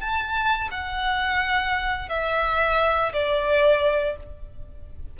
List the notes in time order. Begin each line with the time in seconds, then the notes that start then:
0.00 A5
0.71 F#5
2.09 E5
3.13 D5